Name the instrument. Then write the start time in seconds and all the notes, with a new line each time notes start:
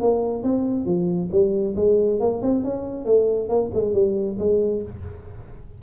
tuba
0.00 A#3
0.43 C4
0.85 F3
1.31 G3
1.76 G#3
2.20 A#3
2.42 C4
2.64 C#4
3.05 A3
3.49 A#3
3.74 G#3
3.93 G3
4.38 G#3